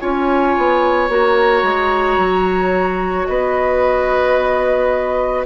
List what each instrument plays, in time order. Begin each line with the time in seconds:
0.00 bassoon C#4, clarinet F4, oboe C#5, flute G#5
0.57 bassoon B3
1.09 bassoon A#3, clarinet F#4, flute A#5
1.63 bassoon G#3
2.18 bassoon F#3
3.26 bassoon B3, oboe B4, flute D#5